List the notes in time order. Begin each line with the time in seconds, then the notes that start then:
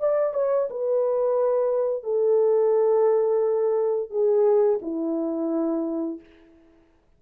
0.00 D5
0.34 C#5
0.70 B4
2.03 A4
4.10 G#4
4.82 E4